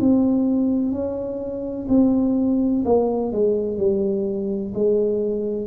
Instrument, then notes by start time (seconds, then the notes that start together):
tuba
0.00 C4
0.92 C#4
1.88 C4
2.85 A#3
3.32 G#3
3.78 G3
4.74 G#3